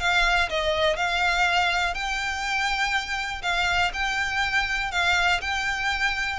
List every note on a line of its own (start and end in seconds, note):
0.00 0.49 F5
0.50 0.97 D#5
0.97 1.95 F5
1.95 3.42 G5
3.42 3.92 F5
3.94 4.92 G5
4.92 5.41 F5
5.41 6.40 G5